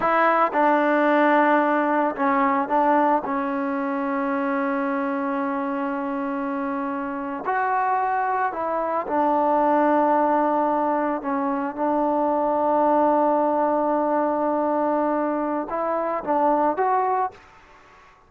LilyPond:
\new Staff \with { instrumentName = "trombone" } { \time 4/4 \tempo 4 = 111 e'4 d'2. | cis'4 d'4 cis'2~ | cis'1~ | cis'4.~ cis'16 fis'2 e'16~ |
e'8. d'2.~ d'16~ | d'8. cis'4 d'2~ d'16~ | d'1~ | d'4 e'4 d'4 fis'4 | }